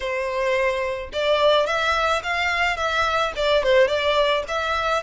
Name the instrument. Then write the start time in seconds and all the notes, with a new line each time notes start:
violin
0.00 C5
1.12 D5
1.66 E5
2.23 F5
2.76 E5
3.36 D5
3.63 C5
3.87 D5
4.47 E5